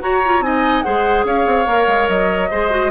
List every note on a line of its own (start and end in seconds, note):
0.00 0.21 F#4
0.00 0.40 F#4
0.00 0.45 C#5
0.00 0.43 A#5
0.26 0.42 F4
0.40 0.82 C4
0.40 0.84 D#4
0.40 0.85 D#5
0.40 0.82 G#5
0.82 1.24 G#3
0.82 1.66 G#4
0.82 1.26 C5
0.82 1.24 F#5
1.24 1.45 C#4
1.24 2.50 C#5
1.24 2.09 F5
1.46 1.66 C4
1.66 1.87 A#3
1.66 2.49 A#4
1.87 2.08 G#3
2.09 2.50 F#3
2.09 2.91 D#5
2.50 2.91 G#3
2.50 2.70 G#4
2.50 2.91 C5
2.70 2.91 F#4